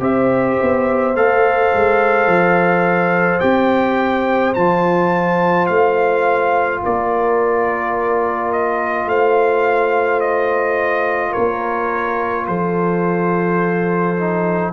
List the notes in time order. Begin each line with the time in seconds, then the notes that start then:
0.00 C4 G4 C5 E5
0.62 B3
1.16 A3 A4 F5
1.74 G#3
2.27 F3
3.40 C4 G4 G5
4.54 F3 F4 A5
5.67 A3 F5
6.82 A#3 A#4 D5
8.53 D#5
9.06 A3 C5 F5
10.21 D#5
11.31 A#4 C#5
11.37 A#3
12.47 F3 A4 C5
14.17 D#4